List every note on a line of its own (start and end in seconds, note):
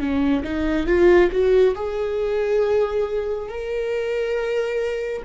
0.00 0.43 C#4
0.44 0.87 D#4
0.87 1.31 F4
1.32 1.75 F#4
1.75 3.49 G#4
3.49 5.23 A#4